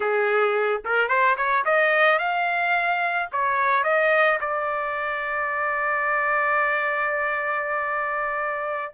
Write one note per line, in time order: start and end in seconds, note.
0.00 0.81 G#4
0.84 1.08 A#4
1.08 1.35 C5
1.36 1.64 C#5
1.64 2.18 D#5
2.18 3.28 F5
3.32 3.83 C#5
3.83 4.38 D#5
4.40 8.93 D5